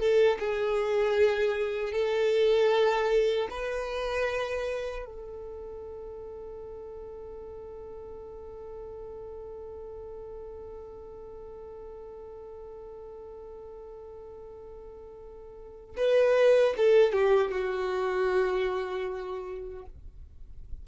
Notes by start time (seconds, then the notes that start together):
0.00 A4
0.40 G#4
1.93 A4
3.51 B4
5.06 A4
15.97 B4
16.77 A4
17.13 G4
17.52 F#4